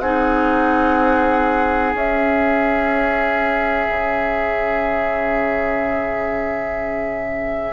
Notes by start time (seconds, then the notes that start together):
0.00 C4 D#4 G#4 F#5
1.94 C#4 E5
3.89 C#3